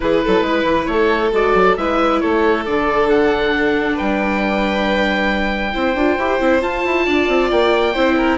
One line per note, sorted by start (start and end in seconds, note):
0.00 0.24 E3
0.00 1.30 E4
0.00 0.24 G#4
0.00 0.85 B4
0.24 0.41 F#3
0.24 0.46 A4
0.41 0.63 G#3
0.41 0.90 B4
0.64 0.86 E3
0.85 1.31 A3
0.85 1.29 C#5
0.92 1.78 A4
1.32 1.54 G#3
1.32 1.76 F#4
1.32 1.77 D5
1.54 1.76 F#3
1.77 2.21 G#3
1.77 2.66 E4
1.77 2.22 B4
1.77 2.20 E5
2.20 2.67 A3
2.20 3.94 A4
2.20 2.64 C#5
2.65 3.99 D3
2.65 5.72 D4
2.65 3.09 D5
3.09 3.97 F#5
3.94 5.75 G3
3.94 5.71 B4
3.94 6.62 G5
5.72 5.94 C4
5.72 5.94 E4
5.72 7.05 C5
5.94 6.17 D4
5.94 6.19 F4
6.17 6.39 E4
6.17 6.39 G4
6.39 6.62 C4
6.39 6.61 E4
6.61 7.93 F4
6.61 6.84 F4
6.61 7.50 A5
6.84 7.06 E4
7.05 7.28 D4
7.05 7.93 D5
7.28 7.50 C4
7.50 7.95 A#3
7.50 8.38 G5
7.93 8.38 C4
7.93 8.38 E4
7.93 8.15 C5
8.17 8.38 A#4